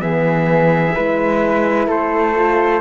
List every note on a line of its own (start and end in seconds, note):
0.00 0.95 E3
0.00 0.94 B3
0.00 0.95 G#4
0.00 1.88 E5
0.95 1.87 G#3
0.95 2.35 E4
0.95 1.88 B4
1.87 2.81 A3
1.87 2.81 A4
1.87 2.81 C5
2.35 2.81 F4